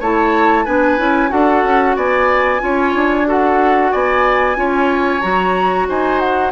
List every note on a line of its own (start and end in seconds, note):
0.00 0.66 A3
0.00 0.66 E4
0.00 0.65 C#5
0.00 0.66 A5
0.65 0.99 B3
0.65 0.98 D4
0.65 1.30 B4
0.65 1.30 G#5
0.98 1.31 C#4
0.98 1.29 E4
1.29 1.64 D4
1.29 2.60 F#4
1.29 1.96 A4
1.29 1.96 F#5
1.64 1.96 C#4
1.96 2.61 B3
1.96 2.61 D5
1.96 3.28 G#5
2.60 2.95 C#4
2.60 3.25 F4
2.60 3.28 C#5
2.95 3.92 D4
3.25 4.55 F#4
3.25 3.92 A4
3.25 3.92 F#5
3.92 4.57 B3
3.92 4.57 D5
3.92 5.21 G#5
4.55 5.22 C#4
4.55 5.21 F4
4.55 5.88 C#5
5.21 5.88 F#3
5.21 6.52 F#4
5.21 5.86 A#5
5.88 6.52 D#4
5.88 6.52 C5
5.88 6.19 G#5
6.19 6.52 F#5